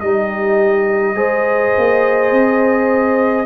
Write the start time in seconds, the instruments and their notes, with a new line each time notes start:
0.00 tuba G3, trombone D#4, horn G4, trumpet D#5
1.14 tuba G#3, trombone G#4, horn C5
1.77 tuba A#3
2.31 tuba C4